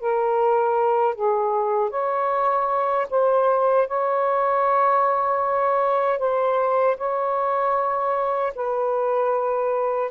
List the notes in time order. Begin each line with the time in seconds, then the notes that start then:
0.00 A#4
1.15 G#4
1.90 C#5
3.10 C5
3.88 C#5
6.19 C5
6.97 C#5
8.55 B4